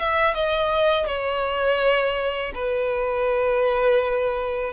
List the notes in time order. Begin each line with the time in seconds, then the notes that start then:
0.00 E5
0.35 D#5
1.07 C#5
2.55 B4